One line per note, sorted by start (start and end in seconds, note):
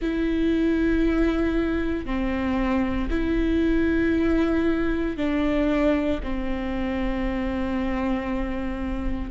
0.01 2.05 E4
2.05 3.09 C4
3.09 5.16 E4
5.17 6.20 D4
6.23 9.30 C4